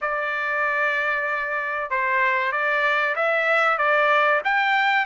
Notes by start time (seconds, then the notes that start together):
0.01 D5
1.90 C5
2.51 D5
3.15 E5
3.78 D5
4.44 G5